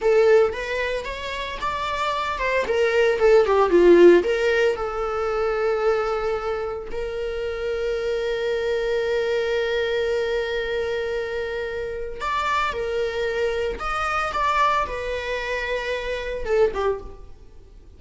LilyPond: \new Staff \with { instrumentName = "viola" } { \time 4/4 \tempo 4 = 113 a'4 b'4 cis''4 d''4~ | d''8 c''8 ais'4 a'8 g'8 f'4 | ais'4 a'2.~ | a'4 ais'2.~ |
ais'1~ | ais'2. d''4 | ais'2 dis''4 d''4 | b'2. a'8 g'8 | }